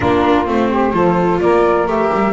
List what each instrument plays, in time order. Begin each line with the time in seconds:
0.00 double bass A#3, viola D4, saxophone F4, flute A#4
0.45 double bass A3, viola C4, flute C5
0.70 saxophone G4
0.93 double bass F3, viola F4, saxophone A4
1.40 double bass A#3, saxophone A#4, flute D5
1.87 double bass A3, viola G4, flute E5
2.12 double bass G3